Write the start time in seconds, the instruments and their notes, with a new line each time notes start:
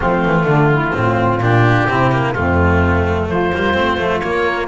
0.00 double bass F3, cello A3, saxophone C4, oboe F4
0.25 double bass E3
0.44 double bass D3, saxophone D4
0.72 saxophone E4
0.92 double bass A2, cello C4, saxophone F4
1.39 double bass A#2, cello D4, oboe G4
1.87 double bass C3, cello C4, saxophone E4
2.11 cello A#3
2.33 double bass F2, cello A3, saxophone C4, oboe F4
3.28 double bass F3, saxophone F4, oboe C5
3.53 double bass G3, cello A#3
3.73 double bass A3, cello C4
3.97 double bass F3, cello A3
4.19 double bass A#3, cello A#3, oboe C#5